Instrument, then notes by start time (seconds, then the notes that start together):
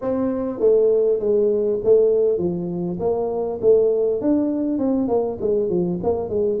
tuba
0.01 C4
0.59 A3
1.19 G#3
1.84 A3
2.38 F3
2.99 A#3
3.61 A3
4.21 D4
4.78 C4
5.08 A#3
5.40 G#3
5.69 F3
6.03 A#3
6.29 G#3